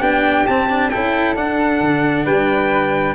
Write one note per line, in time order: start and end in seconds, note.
0.00 0.46 B3
0.00 0.45 D4
0.00 0.90 G4
0.00 0.47 G5
0.47 0.93 C4
0.47 0.70 C4
0.47 0.91 A5
0.70 0.92 D4
0.91 1.36 C#4
0.91 1.37 E4
0.91 2.25 A4
0.91 1.35 G5
1.36 1.81 D4
1.36 3.15 D4
1.36 2.26 F#5
1.81 2.26 D3
2.25 3.15 G3
2.25 3.15 B4
2.25 3.15 G5